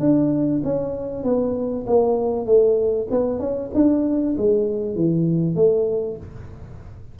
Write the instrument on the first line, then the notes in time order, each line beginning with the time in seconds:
tuba
0.00 D4
0.64 C#4
1.24 B3
1.87 A#3
2.46 A3
3.11 B3
3.40 C#4
3.74 D4
4.37 G#3
4.95 E3
5.55 A3